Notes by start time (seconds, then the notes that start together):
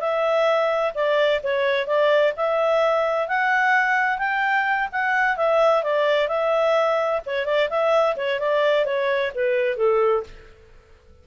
0.00 E5
0.94 D5
1.43 C#5
1.86 D5
2.36 E5
3.28 F#5
4.18 G5
4.92 F#5
5.37 E5
5.83 D5
6.28 E5
7.26 C#5
7.45 D5
7.69 E5
8.16 C#5
8.39 D5
8.85 C#5
9.34 B4
9.77 A4